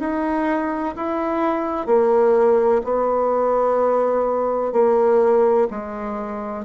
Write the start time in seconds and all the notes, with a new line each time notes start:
0.00 D#4
0.97 E4
1.87 A#3
2.84 B3
4.73 A#3
5.71 G#3